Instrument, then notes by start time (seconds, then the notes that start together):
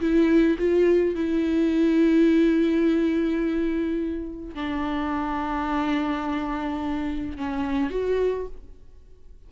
viola
0.00 E4
0.58 F4
1.15 E4
4.54 D4
7.37 C#4
7.90 F#4